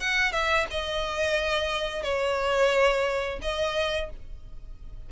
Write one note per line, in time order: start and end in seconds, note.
0.00 0.32 F#5
0.32 0.66 E5
0.71 2.03 D#5
2.03 3.39 C#5
3.42 4.10 D#5